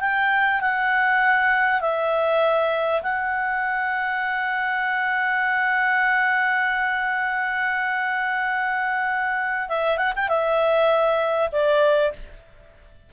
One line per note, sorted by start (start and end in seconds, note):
0.00 0.61 G5
0.61 1.81 F#5
1.81 3.02 E5
3.02 9.69 F#5
9.69 9.98 E5
9.98 10.13 F#5
10.15 10.28 G5
10.28 11.50 E5
11.52 12.12 D5